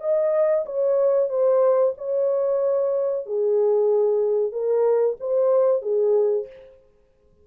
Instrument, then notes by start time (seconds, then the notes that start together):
horn
0.00 D#5
0.65 C#5
1.29 C5
1.97 C#5
3.26 G#4
4.52 A#4
5.20 C5
5.82 G#4